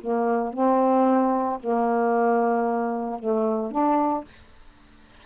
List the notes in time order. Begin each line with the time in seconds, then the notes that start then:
0.00 A#3
0.53 C4
1.60 A#3
3.19 A3
3.71 D4